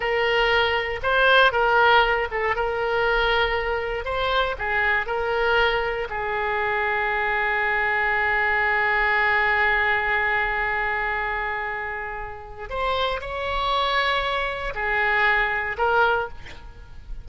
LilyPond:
\new Staff \with { instrumentName = "oboe" } { \time 4/4 \tempo 4 = 118 ais'2 c''4 ais'4~ | ais'8 a'8 ais'2. | c''4 gis'4 ais'2 | gis'1~ |
gis'1~ | gis'1~ | gis'4 c''4 cis''2~ | cis''4 gis'2 ais'4 | }